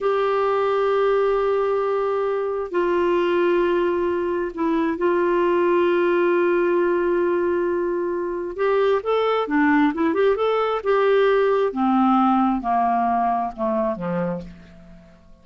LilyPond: \new Staff \with { instrumentName = "clarinet" } { \time 4/4 \tempo 4 = 133 g'1~ | g'2 f'2~ | f'2 e'4 f'4~ | f'1~ |
f'2. g'4 | a'4 d'4 e'8 g'8 a'4 | g'2 c'2 | ais2 a4 f4 | }